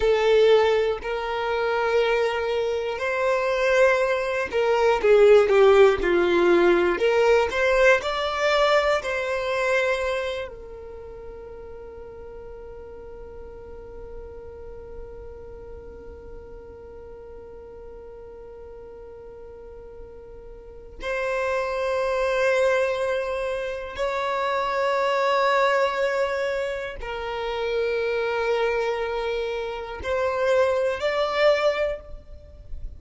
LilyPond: \new Staff \with { instrumentName = "violin" } { \time 4/4 \tempo 4 = 60 a'4 ais'2 c''4~ | c''8 ais'8 gis'8 g'8 f'4 ais'8 c''8 | d''4 c''4. ais'4.~ | ais'1~ |
ais'1~ | ais'4 c''2. | cis''2. ais'4~ | ais'2 c''4 d''4 | }